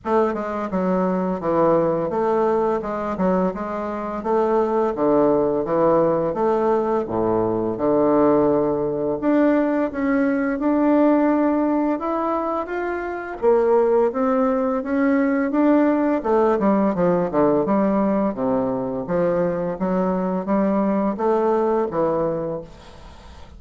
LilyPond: \new Staff \with { instrumentName = "bassoon" } { \time 4/4 \tempo 4 = 85 a8 gis8 fis4 e4 a4 | gis8 fis8 gis4 a4 d4 | e4 a4 a,4 d4~ | d4 d'4 cis'4 d'4~ |
d'4 e'4 f'4 ais4 | c'4 cis'4 d'4 a8 g8 | f8 d8 g4 c4 f4 | fis4 g4 a4 e4 | }